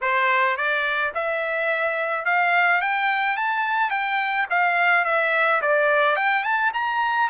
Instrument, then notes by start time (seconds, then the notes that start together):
trumpet
0.01 C5
0.56 D5
1.14 E5
2.25 F5
2.81 G5
3.36 A5
3.90 G5
4.49 F5
5.05 E5
5.61 D5
6.16 G5
6.43 A5
6.73 A#5